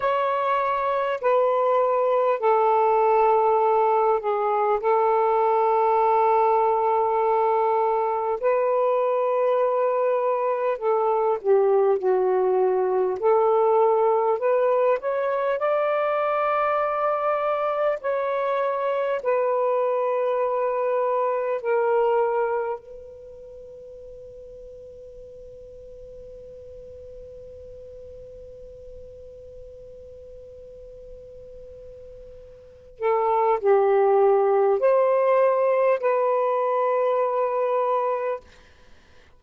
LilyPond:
\new Staff \with { instrumentName = "saxophone" } { \time 4/4 \tempo 4 = 50 cis''4 b'4 a'4. gis'8 | a'2. b'4~ | b'4 a'8 g'8 fis'4 a'4 | b'8 cis''8 d''2 cis''4 |
b'2 ais'4 b'4~ | b'1~ | b'2.~ b'8 a'8 | g'4 c''4 b'2 | }